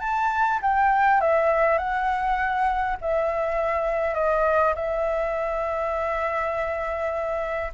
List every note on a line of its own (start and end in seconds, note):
0.00 0.59 A5
0.62 1.21 G5
1.21 1.78 E5
1.78 2.96 F#5
3.01 4.14 E5
4.14 4.74 D#5
4.75 7.72 E5